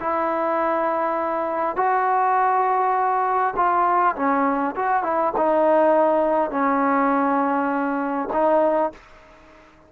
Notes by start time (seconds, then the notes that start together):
0.00 E4
1.76 F#4
3.56 F4
4.16 C#4
4.76 F#4
5.03 E4
5.37 D#4
6.51 C#4
8.33 D#4